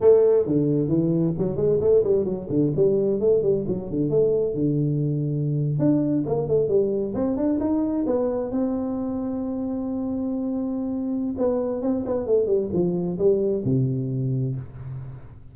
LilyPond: \new Staff \with { instrumentName = "tuba" } { \time 4/4 \tempo 4 = 132 a4 d4 e4 fis8 gis8 | a8 g8 fis8 d8 g4 a8 g8 | fis8 d8 a4 d2~ | d8. d'4 ais8 a8 g4 c'16~ |
c'16 d'8 dis'4 b4 c'4~ c'16~ | c'1~ | c'4 b4 c'8 b8 a8 g8 | f4 g4 c2 | }